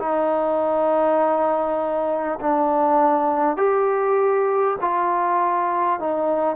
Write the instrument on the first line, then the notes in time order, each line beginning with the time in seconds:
trombone
0.00 D#4
2.41 D4
3.57 G4
4.81 F4
6.00 D#4